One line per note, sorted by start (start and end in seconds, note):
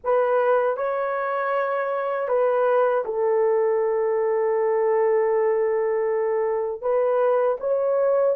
0.03 0.76 B4
0.76 2.28 C#5
2.28 3.04 B4
3.04 6.81 A4
6.81 7.57 B4
7.59 8.35 C#5